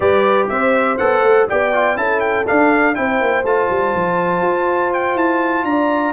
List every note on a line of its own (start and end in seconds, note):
0.00 0.49 G3
0.00 0.98 G4
0.00 0.49 B4
0.00 0.48 D5
0.48 0.98 C4
0.48 1.49 C5
0.48 0.97 E5
0.97 1.21 B3
0.97 1.48 A4
0.97 1.46 F#5
1.21 1.46 A3
1.48 1.96 B3
1.48 1.73 G4
1.48 1.98 D5
1.48 1.97 G5
1.73 1.96 F4
1.96 2.45 C#4
1.96 2.45 E4
1.96 2.97 A4
1.96 2.20 A5
2.20 2.44 G5
2.46 2.94 D4
2.46 2.98 D4
2.46 2.94 F5
2.94 3.21 C4
2.94 3.44 E4
2.94 5.67 C5
2.94 3.43 G5
3.21 3.43 A#3
3.43 3.68 A3
3.43 6.13 F4
3.43 4.93 A5
3.69 3.94 G3
3.95 4.41 F3
4.41 5.15 F4
4.93 5.17 G5
5.15 5.64 E4
5.15 5.64 A5
5.64 6.13 D4
5.64 6.13 D5
5.64 6.13 A#5